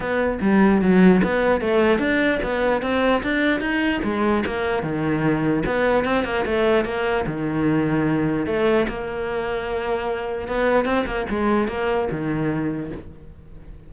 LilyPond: \new Staff \with { instrumentName = "cello" } { \time 4/4 \tempo 4 = 149 b4 g4 fis4 b4 | a4 d'4 b4 c'4 | d'4 dis'4 gis4 ais4 | dis2 b4 c'8 ais8 |
a4 ais4 dis2~ | dis4 a4 ais2~ | ais2 b4 c'8 ais8 | gis4 ais4 dis2 | }